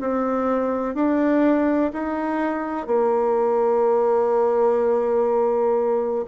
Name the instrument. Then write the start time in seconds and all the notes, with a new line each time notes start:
bassoon
0.00 C4
0.94 D4
1.93 D#4
2.86 A#3